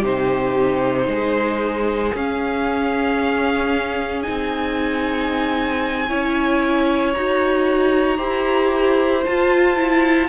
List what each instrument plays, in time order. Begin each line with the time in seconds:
0.00 cello C3, viola D#4, violin G4 C5
1.07 cello G#3, violin G#4
2.14 cello C#4, viola C#4, violin F5
4.23 viola D#4, violin G#5
4.29 cello C4
6.09 cello C#4, viola E4, violin C#5
7.13 cello D#4, viola F#4, violin A#5
8.18 cello E4, viola G4, violin C5
9.25 viola F4, cello F4, violin A5
9.76 viola E4